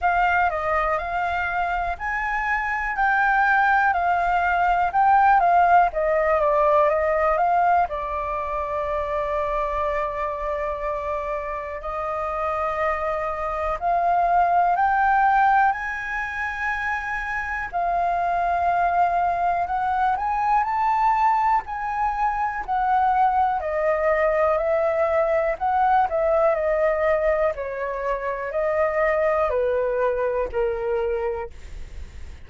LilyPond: \new Staff \with { instrumentName = "flute" } { \time 4/4 \tempo 4 = 61 f''8 dis''8 f''4 gis''4 g''4 | f''4 g''8 f''8 dis''8 d''8 dis''8 f''8 | d''1 | dis''2 f''4 g''4 |
gis''2 f''2 | fis''8 gis''8 a''4 gis''4 fis''4 | dis''4 e''4 fis''8 e''8 dis''4 | cis''4 dis''4 b'4 ais'4 | }